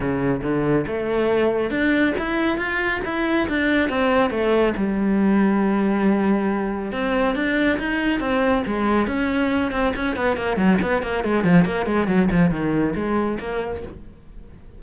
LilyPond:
\new Staff \with { instrumentName = "cello" } { \time 4/4 \tempo 4 = 139 cis4 d4 a2 | d'4 e'4 f'4 e'4 | d'4 c'4 a4 g4~ | g1 |
c'4 d'4 dis'4 c'4 | gis4 cis'4. c'8 cis'8 b8 | ais8 fis8 b8 ais8 gis8 f8 ais8 gis8 | fis8 f8 dis4 gis4 ais4 | }